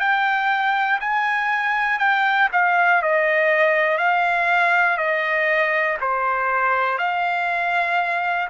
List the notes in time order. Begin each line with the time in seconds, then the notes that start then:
0.00 G5
1.01 G#5
2.00 G5
2.53 F5
3.03 D#5
3.99 F5
4.98 D#5
6.01 C5
6.99 F5